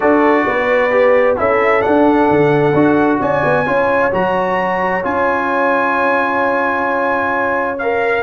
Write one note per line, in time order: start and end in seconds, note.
0.00 0.46 D4
0.00 0.91 F#4
0.00 0.45 A4
0.00 1.36 D5
0.46 1.38 B3
0.46 1.38 B4
0.91 1.36 G4
1.36 1.85 C#4
1.36 1.81 E4
1.36 3.20 A4
1.36 1.81 E5
1.81 2.72 D4
1.81 2.30 D4
1.81 3.19 F#5
2.30 2.73 D3
2.73 3.19 D4
2.73 3.65 F#4
3.20 3.43 C#4
3.20 3.65 D5
3.20 4.12 G#5
3.44 3.66 B3
3.65 4.12 C#4
3.65 4.11 F4
3.65 8.23 C#5
4.11 5.05 F#3
4.11 5.03 F#4
4.11 5.04 A#5
5.03 8.23 C#4
5.03 7.77 F4
5.03 7.78 G#5
7.78 8.23 A#4
7.78 8.23 F5